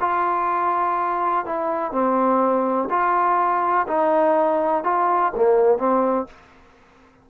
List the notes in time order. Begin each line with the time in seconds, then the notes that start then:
0.00 F4
1.45 E4
1.92 C4
2.90 F4
3.87 D#4
4.83 F4
5.36 A#3
5.78 C4